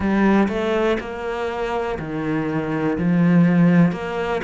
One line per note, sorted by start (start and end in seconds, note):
0.00 0.48 G3
0.48 0.97 A3
1.00 1.98 A#3
1.99 2.97 D#3
2.98 3.92 F3
3.92 4.41 A#3